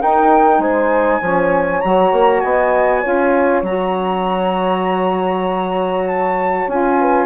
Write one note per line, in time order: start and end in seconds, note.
0.00 1.21 D#4
0.00 0.59 D#4
0.00 0.60 A#4
0.00 0.61 G5
0.59 1.20 G#3
0.59 1.21 C5
0.59 1.80 G#5
1.21 1.82 F3
1.21 1.82 C#4
1.21 2.43 C#5
1.80 2.12 F#3
1.80 3.02 F#4
1.80 2.40 A#5
2.12 2.42 A#3
2.40 3.05 B3
2.40 3.01 D#5
2.40 3.61 G#5
3.01 3.63 C#4
3.01 3.63 F4
3.01 6.95 C#5
3.63 6.66 F#3
3.63 6.69 F#4
3.63 6.08 A#5
6.08 6.69 A5
6.67 7.26 C#4
6.67 7.26 F4
6.67 7.26 G#5
7.00 7.26 B4